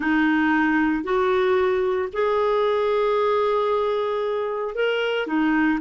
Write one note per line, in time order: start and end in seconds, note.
0.00 1.03 D#4
1.03 2.08 F#4
2.12 4.74 G#4
4.74 5.26 A#4
5.26 5.79 D#4